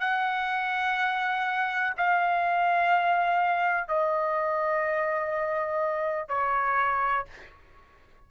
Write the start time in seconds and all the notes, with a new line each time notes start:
0.00 F#5
1.97 F5
3.88 D#5
6.29 C#5